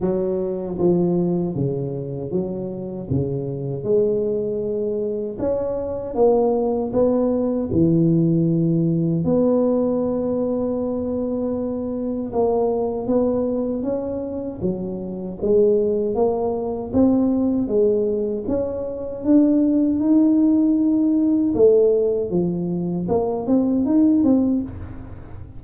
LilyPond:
\new Staff \with { instrumentName = "tuba" } { \time 4/4 \tempo 4 = 78 fis4 f4 cis4 fis4 | cis4 gis2 cis'4 | ais4 b4 e2 | b1 |
ais4 b4 cis'4 fis4 | gis4 ais4 c'4 gis4 | cis'4 d'4 dis'2 | a4 f4 ais8 c'8 dis'8 c'8 | }